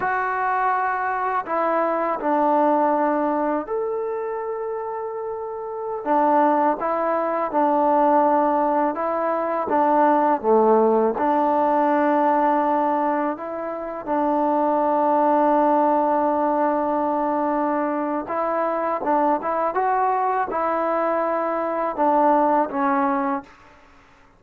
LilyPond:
\new Staff \with { instrumentName = "trombone" } { \time 4/4 \tempo 4 = 82 fis'2 e'4 d'4~ | d'4 a'2.~ | a'16 d'4 e'4 d'4.~ d'16~ | d'16 e'4 d'4 a4 d'8.~ |
d'2~ d'16 e'4 d'8.~ | d'1~ | d'4 e'4 d'8 e'8 fis'4 | e'2 d'4 cis'4 | }